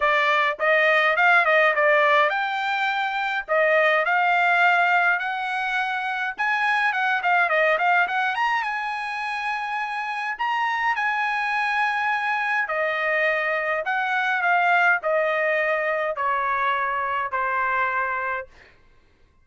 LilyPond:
\new Staff \with { instrumentName = "trumpet" } { \time 4/4 \tempo 4 = 104 d''4 dis''4 f''8 dis''8 d''4 | g''2 dis''4 f''4~ | f''4 fis''2 gis''4 | fis''8 f''8 dis''8 f''8 fis''8 ais''8 gis''4~ |
gis''2 ais''4 gis''4~ | gis''2 dis''2 | fis''4 f''4 dis''2 | cis''2 c''2 | }